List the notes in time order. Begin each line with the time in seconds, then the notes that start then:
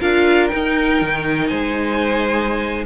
0.00 D4 F4 A#4 F5
0.48 D#4 G5
0.54 D#4
1.02 D#3
1.48 G#3 C5 G#5